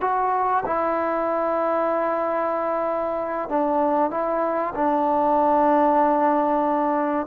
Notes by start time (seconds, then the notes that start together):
0.00 F#4
0.65 E4
3.49 D4
4.10 E4
4.75 D4